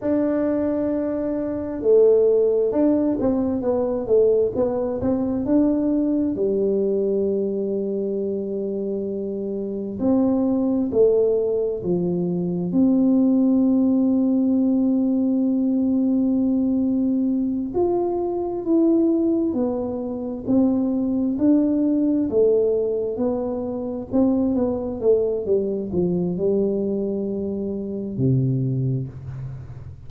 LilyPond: \new Staff \with { instrumentName = "tuba" } { \time 4/4 \tempo 4 = 66 d'2 a4 d'8 c'8 | b8 a8 b8 c'8 d'4 g4~ | g2. c'4 | a4 f4 c'2~ |
c'2.~ c'8 f'8~ | f'8 e'4 b4 c'4 d'8~ | d'8 a4 b4 c'8 b8 a8 | g8 f8 g2 c4 | }